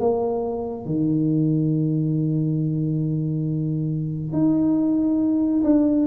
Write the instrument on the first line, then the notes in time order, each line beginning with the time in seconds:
tuba
0.00 A#3
0.86 D#3
4.33 D#4
5.64 D4